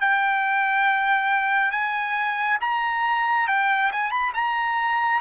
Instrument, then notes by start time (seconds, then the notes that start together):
trumpet
0.00 G5
1.71 G#5
2.60 A#5
3.47 G5
3.92 G#5
4.11 B5
4.34 A#5